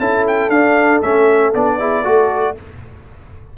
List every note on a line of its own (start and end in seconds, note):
0.00 0.50 C#4
0.00 0.52 E4
0.00 1.79 A4
0.00 0.26 A5
0.28 0.50 G5
0.50 1.01 D4
0.50 1.02 D4
0.50 1.02 F5
1.02 1.54 A3
1.02 1.54 C#4
1.02 1.54 E5
1.54 2.06 B3
1.54 1.80 D4
1.54 2.58 D5
1.79 2.05 E4
1.79 2.02 G#4
2.02 2.57 A3
2.02 2.56 F#4
2.02 2.54 A4